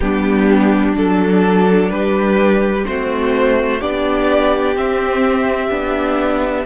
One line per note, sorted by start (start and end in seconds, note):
0.00 0.96 G3
0.00 0.92 B3
0.00 1.91 D4
0.00 0.95 G4
0.92 1.89 F#3
0.92 2.82 D4
0.92 1.89 A4
1.89 2.85 G3
1.89 2.87 G4
1.89 2.84 B4
2.84 3.82 A3
2.84 3.79 C4
2.84 3.81 F#4
2.84 3.81 C5
3.81 4.76 B3
3.81 4.75 D4
3.81 6.65 G4
3.81 4.76 D5
4.75 5.70 C4
4.75 6.65 E5
5.70 6.65 B3
5.70 6.65 D4